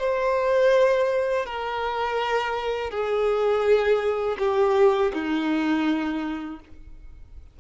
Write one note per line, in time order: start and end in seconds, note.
0.00 1.46 C5
1.46 2.91 A#4
2.91 4.37 G#4
4.39 5.12 G4
5.14 6.60 D#4